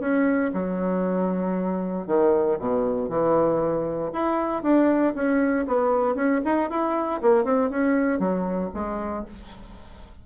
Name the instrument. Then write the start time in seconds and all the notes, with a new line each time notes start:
bassoon
0.00 C#4
0.54 F#3
2.07 D#3
2.59 B2
3.09 E3
4.13 E4
4.62 D4
5.15 C#4
5.67 B3
6.15 C#4
6.45 D#4
6.70 E4
7.22 A#3
7.44 C4
7.70 C#4
8.19 F#3
8.74 G#3